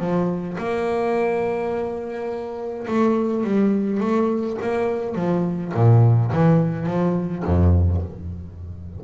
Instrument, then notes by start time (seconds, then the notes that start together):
double bass
0.00 F3
0.58 A#3
2.88 A3
3.44 G3
4.00 A3
4.62 A#3
5.15 F3
5.75 A#2
6.32 E3
6.86 F3
7.45 F2